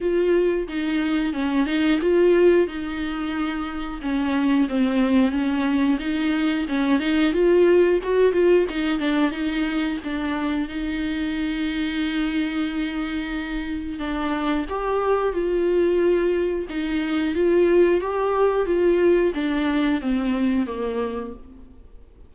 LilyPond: \new Staff \with { instrumentName = "viola" } { \time 4/4 \tempo 4 = 90 f'4 dis'4 cis'8 dis'8 f'4 | dis'2 cis'4 c'4 | cis'4 dis'4 cis'8 dis'8 f'4 | fis'8 f'8 dis'8 d'8 dis'4 d'4 |
dis'1~ | dis'4 d'4 g'4 f'4~ | f'4 dis'4 f'4 g'4 | f'4 d'4 c'4 ais4 | }